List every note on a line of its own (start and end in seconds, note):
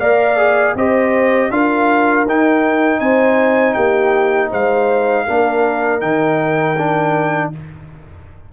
0.00 0.75 A#3
0.00 0.38 A#4
0.00 0.76 D5
0.00 0.76 F5
0.38 0.75 G#4
0.75 1.50 C4
0.75 1.52 G4
0.75 1.52 C5
0.75 1.51 D#5
1.51 2.26 D4
1.51 2.27 F4
1.51 3.02 A#4
1.51 2.26 F5
2.26 3.01 D#4
2.26 5.28 D#4
2.26 3.00 G5
3.00 3.76 C4
3.00 3.75 C5
3.00 3.74 G#5
3.74 4.51 A#3
3.74 4.50 G4
3.74 4.49 G5
4.51 5.28 G#3
4.51 5.26 C5
4.51 6.01 F5
5.27 6.03 A#3
5.27 6.01 D4
5.27 7.52 A#4
6.01 7.53 D#3
6.01 6.76 D#4
6.01 7.51 G5
6.78 7.53 D4